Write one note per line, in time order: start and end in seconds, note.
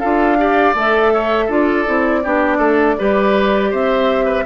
0.00 0.75 D4
0.00 0.38 F4
0.00 0.37 A4
0.00 0.74 F5
0.38 0.75 G4
0.38 1.14 D5
0.75 1.48 A3
0.75 1.49 A4
0.75 1.52 E5
1.14 1.46 C#5
1.46 1.85 D4
1.46 1.86 F4
1.46 2.20 A4
1.53 3.74 D5
1.86 2.25 C4
1.86 2.23 E4
2.24 2.59 B3
2.24 2.98 D4
2.24 2.58 G4
2.58 2.96 A3
2.58 2.95 A4
2.98 3.73 G3
2.98 4.46 G4
2.98 3.71 B4
3.71 4.46 C4
3.71 4.25 C5
3.71 4.46 E5
4.25 4.44 B4